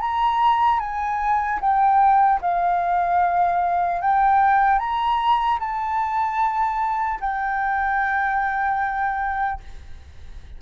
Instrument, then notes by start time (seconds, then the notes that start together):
flute
0.00 A#5
0.79 G#5
1.60 G5
2.41 F5
4.01 G5
4.78 A#5
5.59 A5
7.20 G5